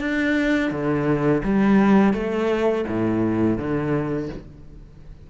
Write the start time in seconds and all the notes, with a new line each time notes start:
0.00 D4
0.71 D3
1.44 G3
2.14 A3
2.88 A2
3.58 D3